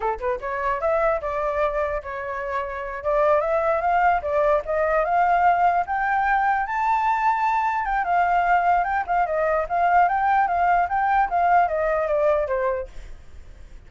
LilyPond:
\new Staff \with { instrumentName = "flute" } { \time 4/4 \tempo 4 = 149 a'8 b'8 cis''4 e''4 d''4~ | d''4 cis''2~ cis''8 d''8~ | d''8 e''4 f''4 d''4 dis''8~ | dis''8 f''2 g''4.~ |
g''8 a''2. g''8 | f''2 g''8 f''8 dis''4 | f''4 g''4 f''4 g''4 | f''4 dis''4 d''4 c''4 | }